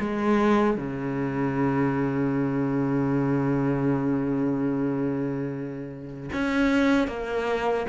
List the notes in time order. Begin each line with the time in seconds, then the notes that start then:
0.00 G#3
0.77 C#3
6.33 C#4
7.07 A#3